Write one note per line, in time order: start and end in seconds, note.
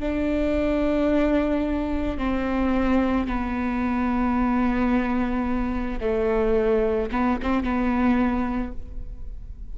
0.00 2.18 D4
2.18 3.27 C4
3.27 6.00 B3
6.00 7.10 A3
7.12 7.39 B3
7.43 7.64 C4
7.64 8.73 B3